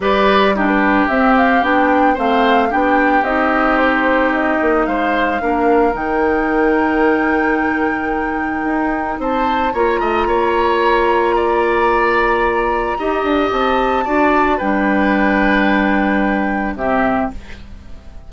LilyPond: <<
  \new Staff \with { instrumentName = "flute" } { \time 4/4 \tempo 4 = 111 d''4 dis'16 b'8. e''8 f''8 g''4 | f''4 g''4 dis''4 c''4 | dis''4 f''2 g''4~ | g''1~ |
g''4 a''4 ais''2~ | ais''1~ | ais''4 a''2 g''4~ | g''2. e''4 | }
  \new Staff \with { instrumentName = "oboe" } { \time 4/4 b'4 g'2. | c''4 g'2.~ | g'4 c''4 ais'2~ | ais'1~ |
ais'4 c''4 cis''8 dis''8 cis''4~ | cis''4 d''2. | dis''2 d''4 b'4~ | b'2. g'4 | }
  \new Staff \with { instrumentName = "clarinet" } { \time 4/4 g'4 d'4 c'4 d'4 | c'4 d'4 dis'2~ | dis'2 d'4 dis'4~ | dis'1~ |
dis'2 f'2~ | f'1 | g'2 fis'4 d'4~ | d'2. c'4 | }
  \new Staff \with { instrumentName = "bassoon" } { \time 4/4 g2 c'4 b4 | a4 b4 c'2~ | c'8 ais8 gis4 ais4 dis4~ | dis1 |
dis'4 c'4 ais8 a8 ais4~ | ais1 | dis'8 d'8 c'4 d'4 g4~ | g2. c4 | }
>>